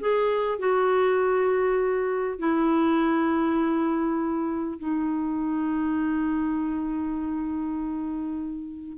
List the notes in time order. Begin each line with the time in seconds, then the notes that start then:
0.00 G#4
0.59 F#4
2.39 E4
4.79 D#4